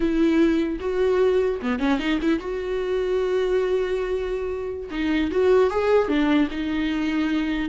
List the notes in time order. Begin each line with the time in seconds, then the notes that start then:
0.00 E4
0.79 F#4
1.62 B3
1.79 C#4
1.99 D#4
2.21 E4
2.39 F#4
4.90 D#4
5.31 F#4
5.70 G#4
6.08 D4
6.50 D#4